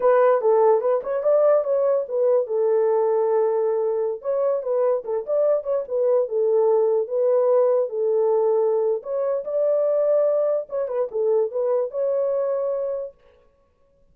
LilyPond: \new Staff \with { instrumentName = "horn" } { \time 4/4 \tempo 4 = 146 b'4 a'4 b'8 cis''8 d''4 | cis''4 b'4 a'2~ | a'2~ a'16 cis''4 b'8.~ | b'16 a'8 d''4 cis''8 b'4 a'8.~ |
a'4~ a'16 b'2 a'8.~ | a'2 cis''4 d''4~ | d''2 cis''8 b'8 a'4 | b'4 cis''2. | }